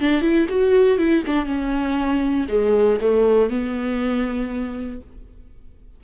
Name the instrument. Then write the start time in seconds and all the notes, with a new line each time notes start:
viola
0.00 D4
0.21 E4
0.49 F#4
0.98 E4
1.27 D4
1.46 C#4
2.49 G#3
3.00 A3
3.50 B3